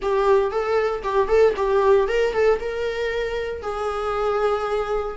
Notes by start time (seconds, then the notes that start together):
0.02 G4
0.51 A4
1.03 G4
1.28 A4
1.56 G4
2.08 A#4
2.33 A4
2.59 A#4
3.62 G#4